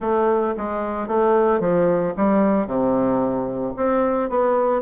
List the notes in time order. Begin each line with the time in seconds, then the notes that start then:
0.00 A3
0.57 G#3
1.07 A3
1.60 F3
2.16 G3
2.66 C3
3.76 C4
4.29 B3